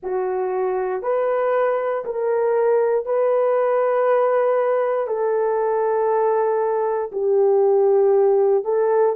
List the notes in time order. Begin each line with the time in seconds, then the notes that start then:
0.02 F#4
1.02 B4
2.04 A#4
3.05 B4
5.07 A4
7.12 G4
8.64 A4